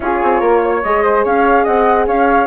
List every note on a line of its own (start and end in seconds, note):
0.00 0.21 C#4
0.00 0.83 F4
0.00 0.40 G#4
0.00 0.82 C#5
0.22 0.41 C4
0.40 0.82 A#3
0.40 0.61 A#4
0.63 1.03 C#5
0.82 1.25 G#3
0.82 2.47 G#4
0.82 1.24 D#5
1.03 1.24 C5
1.24 1.66 C#4
1.24 1.63 C#5
1.24 1.65 F5
1.63 2.07 C4
1.63 2.05 D#5
1.63 2.06 F#5
2.07 2.47 C#4
2.07 2.47 C#5
2.07 2.47 F5